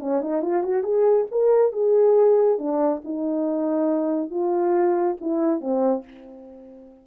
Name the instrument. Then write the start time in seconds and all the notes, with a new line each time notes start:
horn
0.00 C#4
0.22 D#4
0.42 F4
0.64 F#4
0.83 G#4
1.31 A#4
1.73 G#4
2.59 D4
3.05 D#4
4.31 F4
5.21 E4
5.61 C4